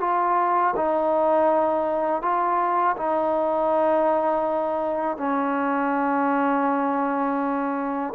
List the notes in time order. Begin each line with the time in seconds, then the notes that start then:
0.00 F4
0.76 D#4
2.22 F4
2.97 D#4
5.17 C#4